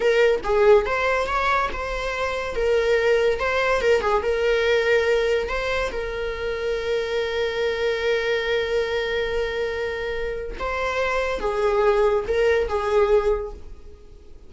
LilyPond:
\new Staff \with { instrumentName = "viola" } { \time 4/4 \tempo 4 = 142 ais'4 gis'4 c''4 cis''4 | c''2 ais'2 | c''4 ais'8 gis'8 ais'2~ | ais'4 c''4 ais'2~ |
ais'1~ | ais'1~ | ais'4 c''2 gis'4~ | gis'4 ais'4 gis'2 | }